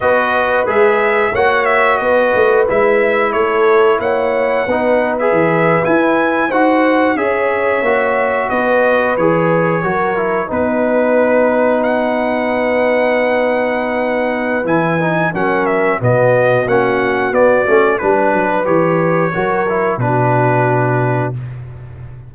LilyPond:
<<
  \new Staff \with { instrumentName = "trumpet" } { \time 4/4 \tempo 4 = 90 dis''4 e''4 fis''8 e''8 dis''4 | e''4 cis''4 fis''4.~ fis''16 e''16~ | e''8. gis''4 fis''4 e''4~ e''16~ | e''8. dis''4 cis''2 b'16~ |
b'4.~ b'16 fis''2~ fis''16~ | fis''2 gis''4 fis''8 e''8 | dis''4 fis''4 d''4 b'4 | cis''2 b'2 | }
  \new Staff \with { instrumentName = "horn" } { \time 4/4 b'2 cis''4 b'4~ | b'4 a'4 cis''4 b'4~ | b'4.~ b'16 c''4 cis''4~ cis''16~ | cis''8. b'2 ais'4 b'16~ |
b'1~ | b'2. ais'4 | fis'2. b'4~ | b'4 ais'4 fis'2 | }
  \new Staff \with { instrumentName = "trombone" } { \time 4/4 fis'4 gis'4 fis'2 | e'2. dis'8. gis'16~ | gis'8. e'4 fis'4 gis'4 fis'16~ | fis'4.~ fis'16 gis'4 fis'8 e'8 dis'16~ |
dis'1~ | dis'2 e'8 dis'8 cis'4 | b4 cis'4 b8 cis'8 d'4 | g'4 fis'8 e'8 d'2 | }
  \new Staff \with { instrumentName = "tuba" } { \time 4/4 b4 gis4 ais4 b8 a8 | gis4 a4 ais4 b4 | e8. e'4 dis'4 cis'4 ais16~ | ais8. b4 e4 fis4 b16~ |
b1~ | b2 e4 fis4 | b,4 ais4 b8 a8 g8 fis8 | e4 fis4 b,2 | }
>>